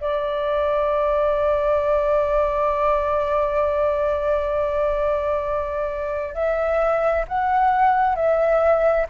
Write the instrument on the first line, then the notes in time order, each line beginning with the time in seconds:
flute
0.00 D5
6.34 E5
7.28 F#5
8.15 E5